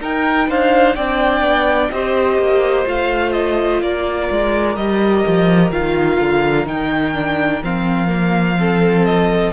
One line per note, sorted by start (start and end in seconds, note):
0.00 0.48 D#4
0.00 0.97 D#4
0.00 0.48 A#4
0.00 0.50 G5
0.48 0.96 D4
0.48 0.95 C5
0.48 0.95 F5
0.95 1.41 C4
0.95 1.92 D4
0.95 1.90 D5
0.95 1.90 G5
1.41 1.88 B3
1.90 2.37 C4
1.90 2.85 G4
1.90 3.82 C5
1.90 2.85 D#5
2.37 2.85 A#3
2.85 3.81 A3
2.85 4.76 F4
2.85 3.32 F5
3.32 3.80 D#5
3.81 4.29 A#3
3.81 8.58 A#4
3.81 4.76 D5
4.30 4.76 G#3
4.76 5.23 G3
4.76 5.72 G4
4.76 5.71 D#5
5.27 5.70 F3
5.70 6.18 D#3
5.70 6.66 F4
5.70 6.67 F5
6.20 6.66 D3
6.66 7.61 D#3
6.66 7.14 D#4
6.66 7.63 G5
7.14 7.62 D4
7.62 9.53 F3
7.62 8.08 C4
7.62 9.05 F5
8.08 8.55 A#3
8.59 9.53 C4
8.59 9.53 A4
9.05 9.52 D#5